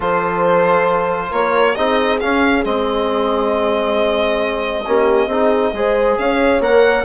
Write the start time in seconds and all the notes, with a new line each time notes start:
0.00 F3 F4 A4 C5
1.30 A#3 A#4 C#5
1.74 C4 D#4 G#4 D#5
2.20 C#4 F5
2.64 G#3 C4 D#5
4.86 A#3 C#4 G4
5.26 C4 D#4 G#4
5.73 G#3 G#4 C5
6.17 C#4 C#5 F5
6.59 A#3 A#4 F#5